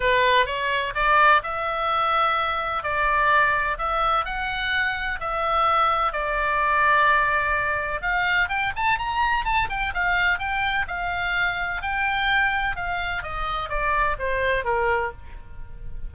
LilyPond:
\new Staff \with { instrumentName = "oboe" } { \time 4/4 \tempo 4 = 127 b'4 cis''4 d''4 e''4~ | e''2 d''2 | e''4 fis''2 e''4~ | e''4 d''2.~ |
d''4 f''4 g''8 a''8 ais''4 | a''8 g''8 f''4 g''4 f''4~ | f''4 g''2 f''4 | dis''4 d''4 c''4 ais'4 | }